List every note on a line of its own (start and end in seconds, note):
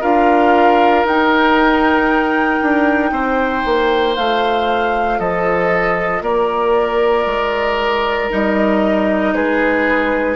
0.00 1.04 D4
0.00 1.05 F4
0.00 3.10 A#4
0.00 1.06 F5
1.04 2.59 D#4
1.04 4.17 D#4
1.04 4.16 G5
2.62 3.11 D4
3.11 3.63 C4
3.11 5.19 C5
3.65 4.17 A#3
4.16 5.19 A3
4.16 8.30 F4
4.16 5.19 F5
5.19 6.21 F3
5.19 6.22 A4
5.19 6.22 D#5
6.21 7.25 A#3
6.21 9.33 A#4
6.21 8.30 D5
7.25 8.29 G#3
8.30 9.34 G3
8.30 10.36 D#4
8.30 9.34 D#5
9.34 10.36 G#3
9.34 10.36 G#4
9.34 10.36 B4